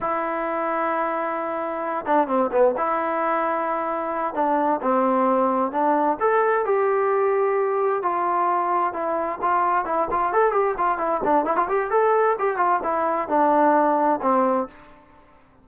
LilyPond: \new Staff \with { instrumentName = "trombone" } { \time 4/4 \tempo 4 = 131 e'1~ | e'8 d'8 c'8 b8 e'2~ | e'4. d'4 c'4.~ | c'8 d'4 a'4 g'4.~ |
g'4. f'2 e'8~ | e'8 f'4 e'8 f'8 a'8 g'8 f'8 | e'8 d'8 e'16 f'16 g'8 a'4 g'8 f'8 | e'4 d'2 c'4 | }